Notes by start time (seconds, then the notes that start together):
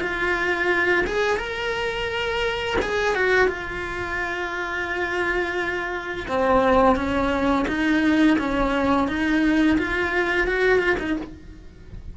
0.00 F4
1.06 G#4
1.37 A#4
2.81 G#4
3.15 F#4
3.48 F4
6.27 C4
6.95 C#4
7.67 D#4
8.38 C#4
9.08 D#4
9.78 F4
10.47 F#4
10.79 F4
10.99 D#4